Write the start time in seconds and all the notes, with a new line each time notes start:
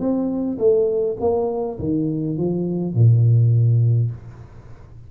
0.00 C4
0.59 A3
1.20 A#3
1.80 D#3
2.38 F3
2.95 A#2